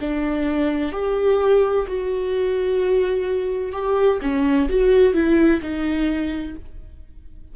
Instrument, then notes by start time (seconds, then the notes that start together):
viola
0.00 D4
0.92 G4
1.87 F#4
3.72 G4
4.22 C#4
4.69 F#4
5.13 E4
5.62 D#4